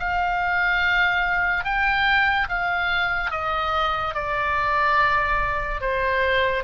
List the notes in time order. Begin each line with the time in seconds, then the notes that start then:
0.00 F5
1.65 G5
2.49 F5
3.31 D#5
4.15 D5
5.81 C5